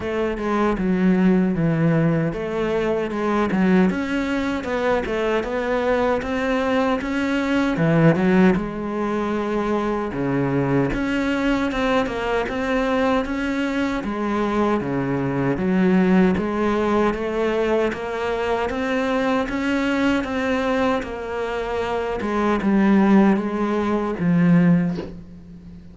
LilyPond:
\new Staff \with { instrumentName = "cello" } { \time 4/4 \tempo 4 = 77 a8 gis8 fis4 e4 a4 | gis8 fis8 cis'4 b8 a8 b4 | c'4 cis'4 e8 fis8 gis4~ | gis4 cis4 cis'4 c'8 ais8 |
c'4 cis'4 gis4 cis4 | fis4 gis4 a4 ais4 | c'4 cis'4 c'4 ais4~ | ais8 gis8 g4 gis4 f4 | }